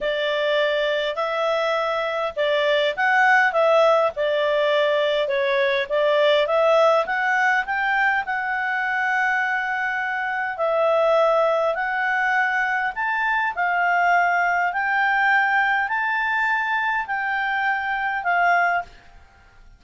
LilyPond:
\new Staff \with { instrumentName = "clarinet" } { \time 4/4 \tempo 4 = 102 d''2 e''2 | d''4 fis''4 e''4 d''4~ | d''4 cis''4 d''4 e''4 | fis''4 g''4 fis''2~ |
fis''2 e''2 | fis''2 a''4 f''4~ | f''4 g''2 a''4~ | a''4 g''2 f''4 | }